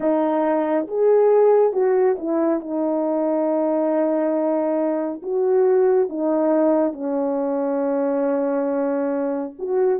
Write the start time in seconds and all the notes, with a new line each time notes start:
0.00 D#4
0.87 G#4
1.72 F#4
2.18 E4
2.60 D#4
5.22 F#4
6.09 D#4
6.92 C#4
9.58 F#4